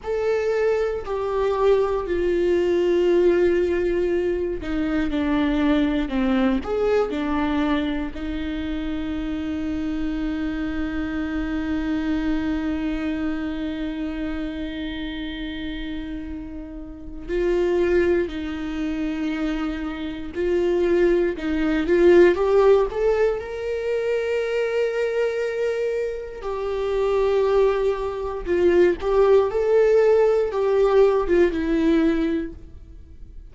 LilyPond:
\new Staff \with { instrumentName = "viola" } { \time 4/4 \tempo 4 = 59 a'4 g'4 f'2~ | f'8 dis'8 d'4 c'8 gis'8 d'4 | dis'1~ | dis'1~ |
dis'4 f'4 dis'2 | f'4 dis'8 f'8 g'8 a'8 ais'4~ | ais'2 g'2 | f'8 g'8 a'4 g'8. f'16 e'4 | }